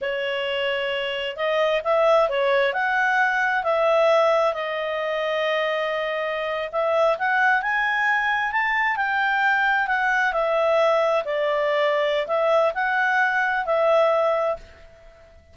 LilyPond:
\new Staff \with { instrumentName = "clarinet" } { \time 4/4 \tempo 4 = 132 cis''2. dis''4 | e''4 cis''4 fis''2 | e''2 dis''2~ | dis''2~ dis''8. e''4 fis''16~ |
fis''8. gis''2 a''4 g''16~ | g''4.~ g''16 fis''4 e''4~ e''16~ | e''8. d''2~ d''16 e''4 | fis''2 e''2 | }